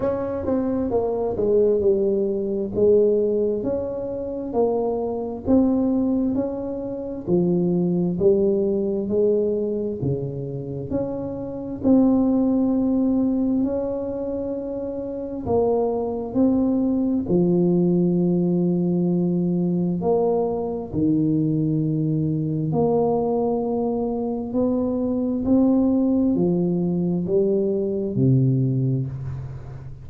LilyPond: \new Staff \with { instrumentName = "tuba" } { \time 4/4 \tempo 4 = 66 cis'8 c'8 ais8 gis8 g4 gis4 | cis'4 ais4 c'4 cis'4 | f4 g4 gis4 cis4 | cis'4 c'2 cis'4~ |
cis'4 ais4 c'4 f4~ | f2 ais4 dis4~ | dis4 ais2 b4 | c'4 f4 g4 c4 | }